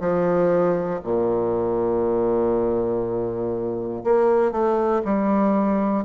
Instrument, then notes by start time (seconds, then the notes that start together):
bassoon
0.00 F3
1.04 A#2
4.04 A#3
4.52 A3
5.05 G3